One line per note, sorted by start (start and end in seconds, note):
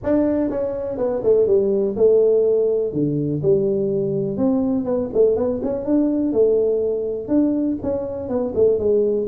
0.03 0.50 D4
0.50 0.97 C#4
0.97 1.22 B3
1.23 1.46 A3
1.46 1.95 G3
1.96 2.92 A3
2.92 3.41 D3
3.42 4.37 G3
4.37 4.84 C4
4.84 5.09 B3
5.13 5.36 A3
5.36 5.60 B3
5.63 5.85 C#4
5.85 6.32 D4
6.32 7.28 A3
7.28 7.76 D4
7.82 8.28 C#4
8.28 8.53 B3
8.54 8.78 A3
8.78 9.27 G#3